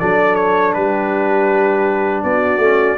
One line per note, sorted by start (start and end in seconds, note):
0.00 0.75 F#3
0.00 2.63 D4
0.00 0.75 A4
0.00 0.36 D5
0.36 0.73 C#5
0.74 2.24 G3
0.74 2.25 G4
0.74 2.24 B4
2.24 2.58 B3
2.24 2.98 F#4
2.24 2.98 D5
2.58 2.96 A3
2.58 2.98 C#4